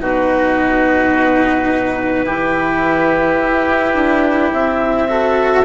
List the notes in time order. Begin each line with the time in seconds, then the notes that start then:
0.00 B2 D#4 F#4 B4
2.25 E3 E4 G4
3.39 E4
3.94 D4
4.52 C4 E5
5.08 F#4 A4